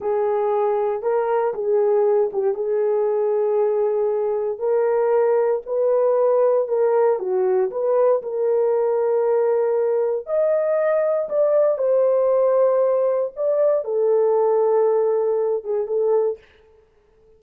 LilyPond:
\new Staff \with { instrumentName = "horn" } { \time 4/4 \tempo 4 = 117 gis'2 ais'4 gis'4~ | gis'8 g'8 gis'2.~ | gis'4 ais'2 b'4~ | b'4 ais'4 fis'4 b'4 |
ais'1 | dis''2 d''4 c''4~ | c''2 d''4 a'4~ | a'2~ a'8 gis'8 a'4 | }